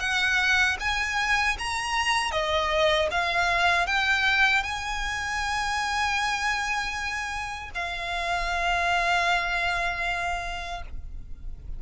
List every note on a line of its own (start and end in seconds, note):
0.00 0.77 F#5
0.80 1.57 G#5
1.58 2.31 A#5
2.31 3.08 D#5
3.11 3.87 F5
3.87 4.63 G5
4.63 7.71 G#5
7.74 10.82 F5